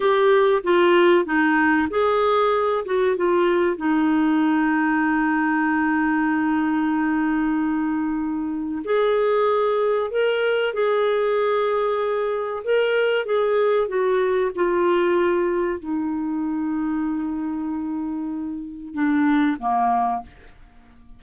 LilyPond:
\new Staff \with { instrumentName = "clarinet" } { \time 4/4 \tempo 4 = 95 g'4 f'4 dis'4 gis'4~ | gis'8 fis'8 f'4 dis'2~ | dis'1~ | dis'2 gis'2 |
ais'4 gis'2. | ais'4 gis'4 fis'4 f'4~ | f'4 dis'2.~ | dis'2 d'4 ais4 | }